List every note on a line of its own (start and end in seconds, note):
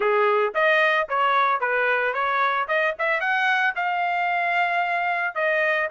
0.00 0.53 G#4
0.54 1.08 D#5
1.09 1.60 C#5
1.60 2.13 B4
2.13 2.67 C#5
2.68 2.95 D#5
2.98 3.20 E5
3.20 3.74 F#5
3.75 5.34 F5
5.34 5.88 D#5